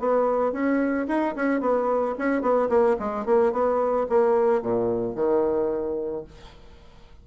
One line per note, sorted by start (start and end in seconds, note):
0.00 0.53 B3
0.53 1.07 C#4
1.08 1.35 D#4
1.36 1.61 C#4
1.61 2.15 B3
2.19 2.42 C#4
2.42 2.69 B3
2.69 2.97 A#3
2.99 3.26 G#3
3.26 3.53 A#3
3.53 4.07 B3
4.09 4.62 A#3
4.62 5.16 A#2
5.16 6.25 D#3